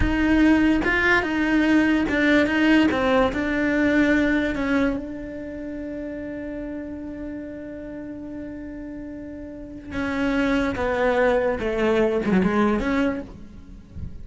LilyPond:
\new Staff \with { instrumentName = "cello" } { \time 4/4 \tempo 4 = 145 dis'2 f'4 dis'4~ | dis'4 d'4 dis'4 c'4 | d'2. cis'4 | d'1~ |
d'1~ | d'1 | cis'2 b2 | a4. gis16 fis16 gis4 cis'4 | }